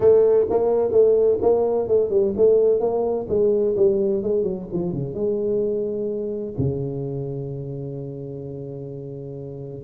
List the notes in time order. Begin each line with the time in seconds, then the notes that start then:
0.00 A3
0.49 A#3
0.91 A3
1.41 A#3
1.88 A3
2.10 G3
2.36 A3
2.80 A#3
3.28 G#3
3.76 G3
4.22 G#3
4.43 F#3
4.72 F3
4.92 C#3
5.13 G#3
6.58 C#3